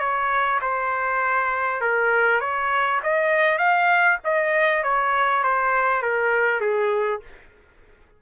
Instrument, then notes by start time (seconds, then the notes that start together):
trumpet
0.00 C#5
0.62 C5
1.81 A#4
2.41 C#5
3.03 D#5
3.58 F5
4.24 D#5
4.84 C#5
5.44 C5
6.03 A#4
6.61 G#4